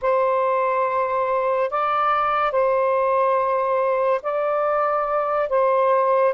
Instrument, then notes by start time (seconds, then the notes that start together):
saxophone
0.01 C5
1.70 D5
2.51 C5
4.22 D5
5.49 C5